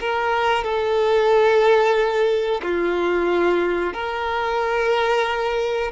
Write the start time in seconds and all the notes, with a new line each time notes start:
0.00 A#4
0.63 A4
2.62 F4
3.93 A#4